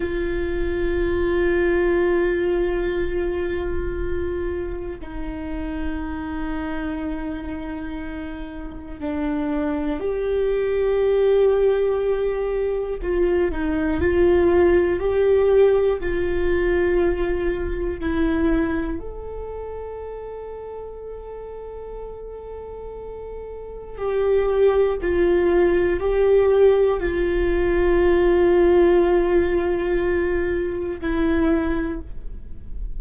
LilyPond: \new Staff \with { instrumentName = "viola" } { \time 4/4 \tempo 4 = 60 f'1~ | f'4 dis'2.~ | dis'4 d'4 g'2~ | g'4 f'8 dis'8 f'4 g'4 |
f'2 e'4 a'4~ | a'1 | g'4 f'4 g'4 f'4~ | f'2. e'4 | }